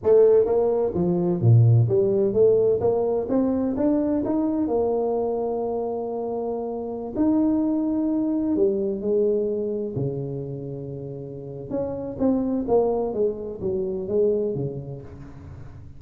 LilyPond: \new Staff \with { instrumentName = "tuba" } { \time 4/4 \tempo 4 = 128 a4 ais4 f4 ais,4 | g4 a4 ais4 c'4 | d'4 dis'4 ais2~ | ais2.~ ais16 dis'8.~ |
dis'2~ dis'16 g4 gis8.~ | gis4~ gis16 cis2~ cis8.~ | cis4 cis'4 c'4 ais4 | gis4 fis4 gis4 cis4 | }